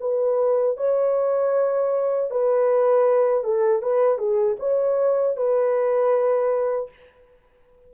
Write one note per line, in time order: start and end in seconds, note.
0.00 0.77 B4
0.77 2.30 C#5
2.30 3.44 B4
3.44 3.82 A4
3.82 4.18 B4
4.18 4.56 G#4
4.59 5.36 C#5
5.36 6.90 B4